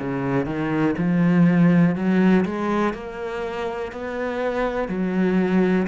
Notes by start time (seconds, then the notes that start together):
0.00 C#3
0.46 D#3
0.98 F3
1.96 F#3
2.45 G#3
2.94 A#3
3.92 B3
4.89 F#3